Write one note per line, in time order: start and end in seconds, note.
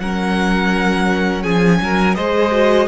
0.00 1.44 F#3
0.00 2.17 C#4
0.00 1.43 A#4
0.00 1.43 F#5
1.43 1.80 F3
1.43 1.79 G#4
1.43 2.15 G#5
1.81 2.17 F#3
1.81 2.16 A#4
2.15 2.88 G#3
2.15 2.52 G#4
2.15 2.88 C5
2.15 2.87 D#5
2.52 2.88 F#4